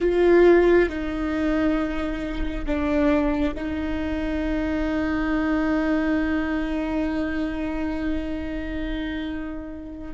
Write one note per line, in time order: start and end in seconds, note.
0.00 0.89 F4
0.89 2.65 D#4
2.66 3.54 D4
3.55 10.14 D#4